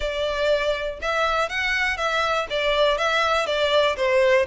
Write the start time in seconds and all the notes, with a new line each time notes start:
0.00 D5
1.01 E5
1.49 F#5
1.97 E5
2.50 D5
2.97 E5
3.46 D5
3.96 C5